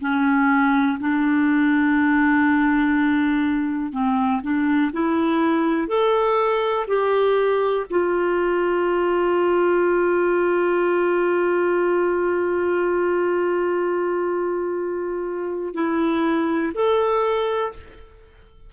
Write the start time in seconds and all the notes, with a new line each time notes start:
0.00 C#4
1.00 D4
3.92 C4
4.42 D4
4.93 E4
5.88 A4
6.87 G4
7.90 F4
15.74 E4
16.74 A4